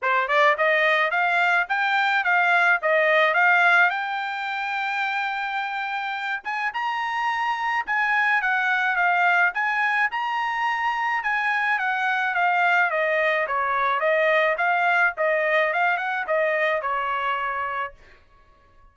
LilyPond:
\new Staff \with { instrumentName = "trumpet" } { \time 4/4 \tempo 4 = 107 c''8 d''8 dis''4 f''4 g''4 | f''4 dis''4 f''4 g''4~ | g''2.~ g''8 gis''8 | ais''2 gis''4 fis''4 |
f''4 gis''4 ais''2 | gis''4 fis''4 f''4 dis''4 | cis''4 dis''4 f''4 dis''4 | f''8 fis''8 dis''4 cis''2 | }